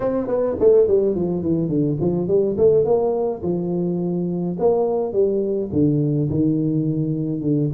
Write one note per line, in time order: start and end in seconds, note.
0.00 0.27 C4
0.27 0.56 B3
0.59 0.87 A3
0.87 1.15 G3
1.15 1.42 F3
1.42 1.68 E3
1.68 1.97 D3
2.00 2.27 F3
2.27 2.56 G3
2.57 2.84 A3
2.84 3.42 A#3
3.42 4.56 F3
4.59 5.12 A#3
5.12 5.70 G3
5.72 6.29 D3
6.29 7.41 D#3
7.41 7.69 D3